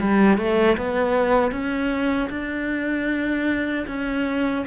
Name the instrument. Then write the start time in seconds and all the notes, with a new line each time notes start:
cello
0.00 G3
0.38 A3
0.77 B3
1.52 C#4
2.30 D4
3.87 C#4